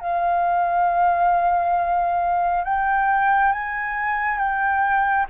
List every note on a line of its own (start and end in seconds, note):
0.00 2.64 F5
2.64 3.52 G5
3.52 4.38 G#5
4.38 5.26 G5